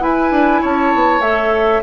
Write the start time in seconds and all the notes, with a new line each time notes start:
0.00 E4 B4 G#5
0.31 D4
0.62 C#4 C#5 A5
0.94 B3
1.20 A3 A4 E5